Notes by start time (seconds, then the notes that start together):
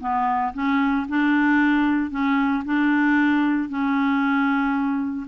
0.00 B3
0.54 C#4
1.08 D4
2.11 C#4
2.65 D4
3.69 C#4